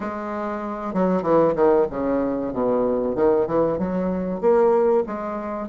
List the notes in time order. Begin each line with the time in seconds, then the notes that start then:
0.00 G#3
0.93 F#3
1.22 E3
1.55 D#3
1.90 C#3
2.52 B2
3.15 D#3
3.47 E3
3.78 F#3
4.40 A#3
5.06 G#3